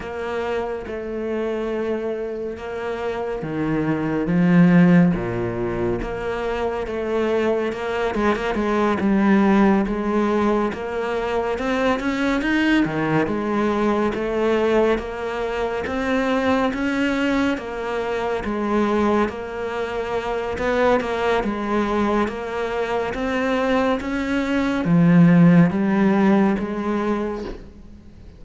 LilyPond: \new Staff \with { instrumentName = "cello" } { \time 4/4 \tempo 4 = 70 ais4 a2 ais4 | dis4 f4 ais,4 ais4 | a4 ais8 gis16 ais16 gis8 g4 gis8~ | gis8 ais4 c'8 cis'8 dis'8 dis8 gis8~ |
gis8 a4 ais4 c'4 cis'8~ | cis'8 ais4 gis4 ais4. | b8 ais8 gis4 ais4 c'4 | cis'4 f4 g4 gis4 | }